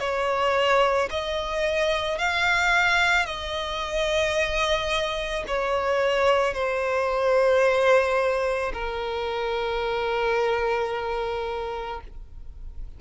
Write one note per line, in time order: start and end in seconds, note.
0.00 1.09 C#5
1.10 2.19 D#5
2.19 3.26 F5
3.26 5.44 D#5
5.48 6.54 C#5
6.54 8.72 C5
8.74 12.01 A#4